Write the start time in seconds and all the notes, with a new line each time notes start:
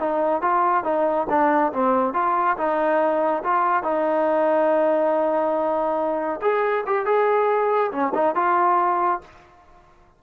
0.00 D#4
0.42 F4
0.85 D#4
1.30 D4
1.73 C4
2.14 F4
2.57 D#4
3.44 F4
3.84 D#4
6.42 G#4
6.87 G4
7.06 G#4
7.92 C#4
8.15 D#4
8.36 F4